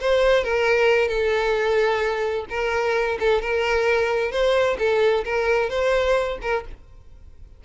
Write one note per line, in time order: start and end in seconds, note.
0.00 0.44 C5
0.44 1.08 A#4
1.08 2.45 A4
2.49 3.18 A#4
3.20 3.41 A4
3.41 4.31 A#4
4.31 4.77 C5
4.78 5.24 A4
5.24 5.69 A#4
5.69 6.38 C5
6.41 6.64 A#4